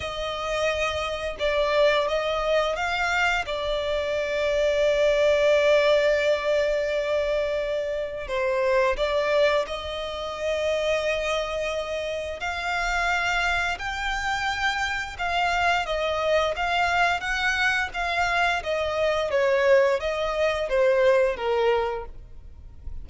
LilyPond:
\new Staff \with { instrumentName = "violin" } { \time 4/4 \tempo 4 = 87 dis''2 d''4 dis''4 | f''4 d''2.~ | d''1 | c''4 d''4 dis''2~ |
dis''2 f''2 | g''2 f''4 dis''4 | f''4 fis''4 f''4 dis''4 | cis''4 dis''4 c''4 ais'4 | }